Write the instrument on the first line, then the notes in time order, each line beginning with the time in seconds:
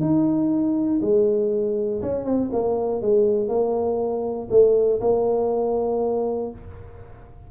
tuba
0.00 D#4
1.01 G#3
2.01 C#4
2.25 C4
2.52 A#3
3.01 G#3
3.48 A#3
4.50 A3
5.00 A#3